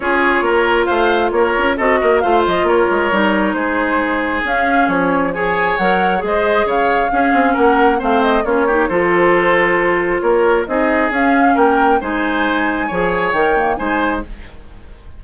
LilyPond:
<<
  \new Staff \with { instrumentName = "flute" } { \time 4/4 \tempo 4 = 135 cis''2 f''4 cis''4 | dis''4 f''8 dis''8 cis''2 | c''2 f''4 cis''4 | gis''4 fis''4 dis''4 f''4~ |
f''4 fis''4 f''8 dis''8 cis''4 | c''2. cis''4 | dis''4 f''4 g''4 gis''4~ | gis''2 g''4 gis''4 | }
  \new Staff \with { instrumentName = "oboe" } { \time 4/4 gis'4 ais'4 c''4 ais'4 | a'8 ais'8 c''4 ais'2 | gis'1 | cis''2 c''4 cis''4 |
gis'4 ais'4 c''4 f'8 g'8 | a'2. ais'4 | gis'2 ais'4 c''4~ | c''4 cis''2 c''4 | }
  \new Staff \with { instrumentName = "clarinet" } { \time 4/4 f'1 | fis'4 f'2 dis'4~ | dis'2 cis'2 | gis'4 ais'4 gis'2 |
cis'2 c'4 cis'8 dis'8 | f'1 | dis'4 cis'2 dis'4~ | dis'4 gis'4 ais'8 ais8 dis'4 | }
  \new Staff \with { instrumentName = "bassoon" } { \time 4/4 cis'4 ais4 a4 ais8 cis'8 | c'8 ais8 a8 f8 ais8 gis8 g4 | gis2 cis'4 f4~ | f4 fis4 gis4 cis4 |
cis'8 c'8 ais4 a4 ais4 | f2. ais4 | c'4 cis'4 ais4 gis4~ | gis4 f4 dis4 gis4 | }
>>